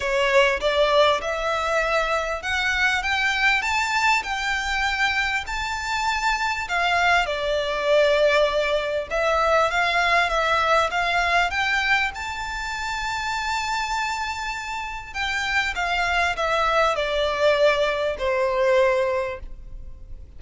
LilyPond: \new Staff \with { instrumentName = "violin" } { \time 4/4 \tempo 4 = 99 cis''4 d''4 e''2 | fis''4 g''4 a''4 g''4~ | g''4 a''2 f''4 | d''2. e''4 |
f''4 e''4 f''4 g''4 | a''1~ | a''4 g''4 f''4 e''4 | d''2 c''2 | }